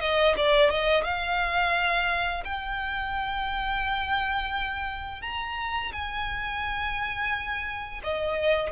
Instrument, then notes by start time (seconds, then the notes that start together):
violin
0.00 D#5
0.36 D5
0.70 D#5
1.04 F5
2.45 G5
5.22 A#5
5.92 G#5
8.03 D#5